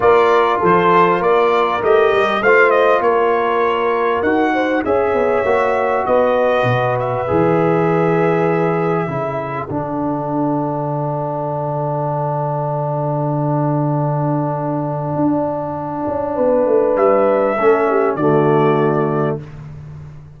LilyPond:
<<
  \new Staff \with { instrumentName = "trumpet" } { \time 4/4 \tempo 4 = 99 d''4 c''4 d''4 dis''4 | f''8 dis''8 cis''2 fis''4 | e''2 dis''4. e''8~ | e''1 |
fis''1~ | fis''1~ | fis''1 | e''2 d''2 | }
  \new Staff \with { instrumentName = "horn" } { \time 4/4 ais'4 a'4 ais'2 | c''4 ais'2~ ais'8 c''8 | cis''2 b'2~ | b'2. a'4~ |
a'1~ | a'1~ | a'2. b'4~ | b'4 a'8 g'8 fis'2 | }
  \new Staff \with { instrumentName = "trombone" } { \time 4/4 f'2. g'4 | f'2. fis'4 | gis'4 fis'2. | gis'2. e'4 |
d'1~ | d'1~ | d'1~ | d'4 cis'4 a2 | }
  \new Staff \with { instrumentName = "tuba" } { \time 4/4 ais4 f4 ais4 a8 g8 | a4 ais2 dis'4 | cis'8 b8 ais4 b4 b,4 | e2. cis4 |
d1~ | d1~ | d4 d'4. cis'8 b8 a8 | g4 a4 d2 | }
>>